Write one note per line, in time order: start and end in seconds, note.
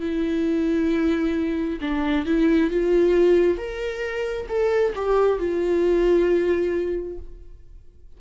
0.00 1.79 E4
1.81 2.26 D4
2.26 2.70 E4
2.70 3.57 F4
3.57 4.47 A#4
4.49 4.93 A4
4.95 5.39 G4
5.39 7.18 F4